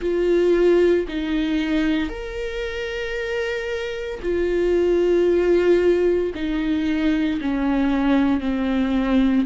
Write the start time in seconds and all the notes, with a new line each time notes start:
0.01 F4
1.08 D#4
2.09 A#4
4.22 F4
6.34 D#4
7.41 C#4
8.40 C4